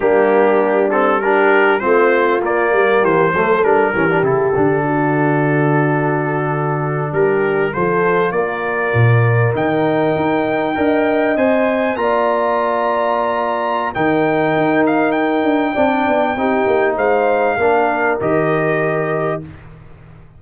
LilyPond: <<
  \new Staff \with { instrumentName = "trumpet" } { \time 4/4 \tempo 4 = 99 g'4. a'8 ais'4 c''4 | d''4 c''4 ais'4 a'4~ | a'2.~ a'8. ais'16~ | ais'8. c''4 d''2 g''16~ |
g''2~ g''8. gis''4 ais''16~ | ais''2. g''4~ | g''8 f''8 g''2. | f''2 dis''2 | }
  \new Staff \with { instrumentName = "horn" } { \time 4/4 d'2 g'4 f'4~ | f'8 ais'8 g'8 a'4 g'4. | fis'2.~ fis'8. g'16~ | g'8. a'4 ais'2~ ais'16~ |
ais'4.~ ais'16 dis''2 d''16~ | d''2. ais'4~ | ais'2 d''4 g'4 | c''4 ais'2. | }
  \new Staff \with { instrumentName = "trombone" } { \time 4/4 ais4. c'8 d'4 c'4 | ais4. a8 d'8 cis'16 d'16 e'8 d'8~ | d'1~ | d'8. f'2. dis'16~ |
dis'4.~ dis'16 ais'4 c''4 f'16~ | f'2. dis'4~ | dis'2 d'4 dis'4~ | dis'4 d'4 g'2 | }
  \new Staff \with { instrumentName = "tuba" } { \time 4/4 g2. a4 | ais8 g8 e8 fis8 g8 e8 cis8 d8~ | d2.~ d8. g16~ | g8. f4 ais4 ais,4 dis16~ |
dis8. dis'4 d'4 c'4 ais16~ | ais2. dis4 | dis'4. d'8 c'8 b8 c'8 ais8 | gis4 ais4 dis2 | }
>>